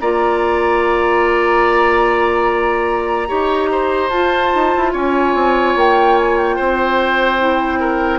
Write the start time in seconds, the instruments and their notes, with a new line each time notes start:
0.00 bassoon A#3, clarinet F4, oboe D5, flute A#5
3.28 bassoon D#4, clarinet G4, oboe C#5
3.71 oboe C5
4.10 bassoon F4, clarinet F4, flute A5
4.55 bassoon D#4
4.76 bassoon E4
4.92 bassoon C#4, oboe C#5, flute G#5
5.34 bassoon C4
5.76 bassoon A#3, flute G5
6.18 flute G#5
6.37 flute G5
6.56 bassoon C4, oboe C5
7.40 clarinet E4
7.80 oboe A#4